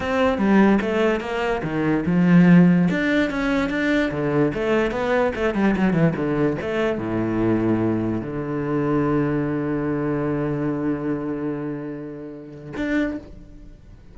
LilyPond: \new Staff \with { instrumentName = "cello" } { \time 4/4 \tempo 4 = 146 c'4 g4 a4 ais4 | dis4 f2 d'4 | cis'4 d'4 d4 a4 | b4 a8 g8 fis8 e8 d4 |
a4 a,2. | d1~ | d1~ | d2. d'4 | }